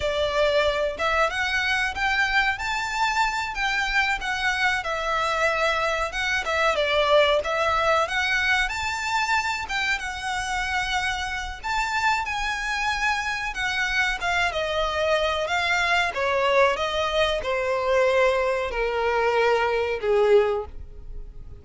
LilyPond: \new Staff \with { instrumentName = "violin" } { \time 4/4 \tempo 4 = 93 d''4. e''8 fis''4 g''4 | a''4. g''4 fis''4 e''8~ | e''4. fis''8 e''8 d''4 e''8~ | e''8 fis''4 a''4. g''8 fis''8~ |
fis''2 a''4 gis''4~ | gis''4 fis''4 f''8 dis''4. | f''4 cis''4 dis''4 c''4~ | c''4 ais'2 gis'4 | }